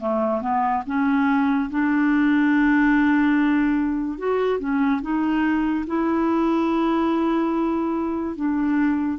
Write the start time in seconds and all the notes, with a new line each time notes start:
0.00 A3
0.42 B3
0.86 C#4
1.70 D4
4.19 F#4
4.59 C#4
5.02 D#4
5.87 E4
8.36 D4